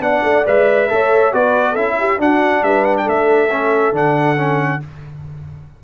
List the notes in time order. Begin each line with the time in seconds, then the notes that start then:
0.00 B3 D4 D5 F#5
0.23 A3
0.46 G#3 B4 E5
0.89 A3 A4 C#5
1.32 B3 F#4 B4 D5
1.71 C#4 E4 A4 E5
1.99 G4
2.18 D4 F#4 F#5
2.62 G3 B4 E5
2.85 F#5
2.97 A4 G5
3.08 A3 E5
3.51 C#4
3.92 D3 D4 F#5
4.36 C#4